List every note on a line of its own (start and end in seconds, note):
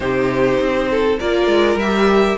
0.00 0.59 C3
0.00 1.18 D#4
0.00 0.89 G4
0.00 1.19 C5
0.60 1.19 C4
0.90 1.20 A4
1.19 1.46 A#3
1.19 1.79 F4
1.19 2.37 A#4
1.19 1.78 D5
1.46 1.75 G#3
1.75 2.35 G3
1.75 2.37 E5
1.81 2.37 G4